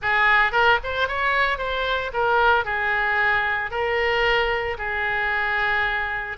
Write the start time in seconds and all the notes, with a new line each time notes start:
0.02 G#4
0.52 A#4
0.83 C5
1.08 C#5
1.58 C5
2.13 A#4
2.64 G#4
3.70 A#4
4.78 G#4